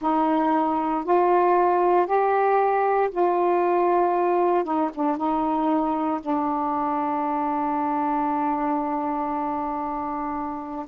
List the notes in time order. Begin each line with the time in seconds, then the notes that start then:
0.00 D#4
1.04 F4
2.06 G4
3.11 F4
4.64 D#4
4.94 D4
5.17 D#4
6.20 D4